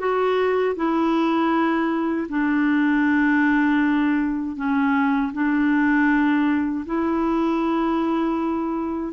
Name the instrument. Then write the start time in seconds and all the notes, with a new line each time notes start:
clarinet
0.00 F#4
0.76 E4
2.29 D4
4.56 C#4
5.33 D4
6.86 E4